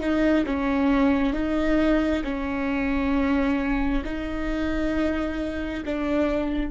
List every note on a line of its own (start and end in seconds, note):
0.00 0.45 D#4
0.46 1.34 C#4
1.34 2.23 D#4
2.24 4.03 C#4
4.05 5.84 D#4
5.85 6.71 D4